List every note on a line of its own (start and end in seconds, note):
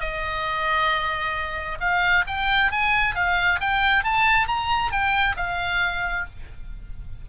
0.00 1.78 D#5
1.80 2.24 F5
2.27 2.71 G5
2.71 3.15 G#5
3.15 3.59 F5
3.60 4.03 G5
4.03 4.47 A5
4.47 4.91 A#5
4.91 5.35 G5
5.36 6.25 F5